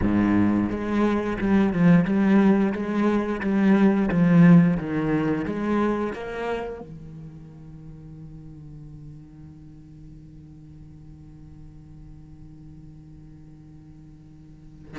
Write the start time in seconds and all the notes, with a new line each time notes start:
0.02 G#2
0.70 G#3
1.38 G3
1.72 F3
2.04 G3
2.72 G#3
3.40 G3
4.08 F3
4.77 D#3
5.45 G#3
6.13 A#3
6.80 D#3